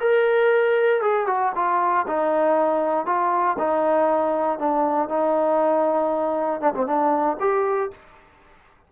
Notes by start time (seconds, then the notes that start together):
0.00 A#4
1.01 G#4
1.27 F#4
1.55 F4
2.07 D#4
3.06 F4
3.58 D#4
4.59 D4
5.09 D#4
6.61 D4
6.74 C4
6.86 D4
7.40 G4